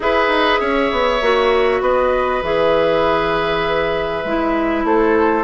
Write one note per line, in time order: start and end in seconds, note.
0.00 0.28 E4
0.00 1.21 G#4
0.00 0.60 B4
0.00 1.82 E5
0.28 0.58 D#4
0.60 0.91 C#4
0.60 1.81 C#5
0.91 1.21 B3
1.21 1.81 A#3
1.21 2.42 F#4
1.81 2.41 B3
1.81 4.85 B4
1.81 2.42 D#5
2.42 4.24 E3
2.42 4.24 G#4
2.42 4.86 E5
4.24 4.84 G#3
4.24 5.44 E4
4.84 5.44 A3
4.84 5.44 A4
4.84 5.44 C5